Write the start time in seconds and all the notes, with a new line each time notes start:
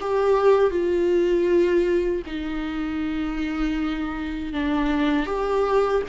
0.00 G4
0.70 F4
2.26 D#4
4.53 D4
5.26 G4